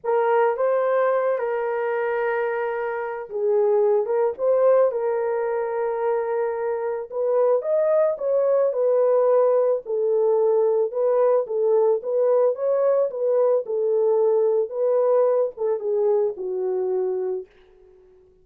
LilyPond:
\new Staff \with { instrumentName = "horn" } { \time 4/4 \tempo 4 = 110 ais'4 c''4. ais'4.~ | ais'2 gis'4. ais'8 | c''4 ais'2.~ | ais'4 b'4 dis''4 cis''4 |
b'2 a'2 | b'4 a'4 b'4 cis''4 | b'4 a'2 b'4~ | b'8 a'8 gis'4 fis'2 | }